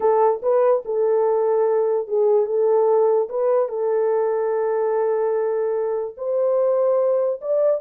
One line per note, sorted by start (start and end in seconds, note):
0.00 0.41 A4
0.42 0.83 B4
0.85 2.07 A4
2.07 2.46 G#4
2.46 3.28 A4
3.29 3.68 B4
3.68 6.15 A4
6.17 7.40 C5
7.41 7.81 D5